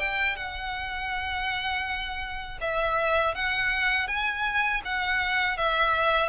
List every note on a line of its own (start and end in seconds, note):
0.00 0.37 G5
0.37 2.59 F#5
2.61 3.35 E5
3.35 4.08 F#5
4.08 4.82 G#5
4.85 5.58 F#5
5.58 6.29 E5